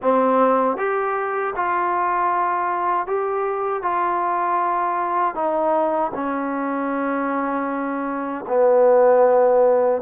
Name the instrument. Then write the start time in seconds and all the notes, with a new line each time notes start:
trombone
0.02 C4
0.77 G4
1.55 F4
3.06 G4
3.82 F4
5.35 D#4
6.14 C#4
8.48 B3